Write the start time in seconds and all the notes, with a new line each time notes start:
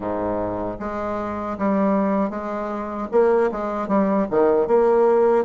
0.00 G#2
0.79 G#3
1.58 G3
2.30 G#3
3.11 A#3
3.51 G#3
3.87 G3
4.30 D#3
4.67 A#3